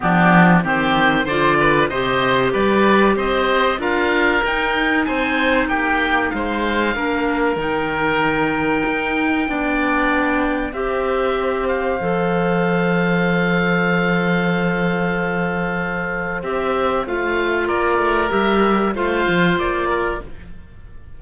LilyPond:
<<
  \new Staff \with { instrumentName = "oboe" } { \time 4/4 \tempo 4 = 95 g'4 c''4 d''4 dis''4 | d''4 dis''4 f''4 g''4 | gis''4 g''4 f''2 | g''1~ |
g''4 e''4. f''4.~ | f''1~ | f''2 e''4 f''4 | d''4 e''4 f''4 d''4 | }
  \new Staff \with { instrumentName = "oboe" } { \time 4/4 d'4 g'4 c''8 b'8 c''4 | b'4 c''4 ais'2 | c''4 g'4 c''4 ais'4~ | ais'2. d''4~ |
d''4 c''2.~ | c''1~ | c''1 | ais'2 c''4. ais'8 | }
  \new Staff \with { instrumentName = "clarinet" } { \time 4/4 b4 c'4 f'4 g'4~ | g'2 f'4 dis'4~ | dis'2. d'4 | dis'2. d'4~ |
d'4 g'2 a'4~ | a'1~ | a'2 g'4 f'4~ | f'4 g'4 f'2 | }
  \new Staff \with { instrumentName = "cello" } { \time 4/4 f4 dis4 d4 c4 | g4 c'4 d'4 dis'4 | c'4 ais4 gis4 ais4 | dis2 dis'4 b4~ |
b4 c'2 f4~ | f1~ | f2 c'4 a4 | ais8 a8 g4 a8 f8 ais4 | }
>>